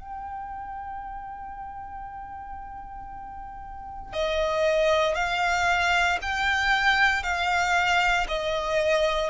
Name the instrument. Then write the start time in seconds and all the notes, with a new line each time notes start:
violin
0.00 G5
4.13 D#5
5.15 F5
6.22 G5
7.23 F5
8.29 D#5